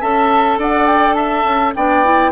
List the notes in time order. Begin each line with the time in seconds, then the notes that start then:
0.00 C#4 A4 E5 A5
0.57 D4 D5 F#5
0.87 G5
1.14 E5 A5
1.44 C#4
1.75 B3 D4 D5 G5
2.03 E4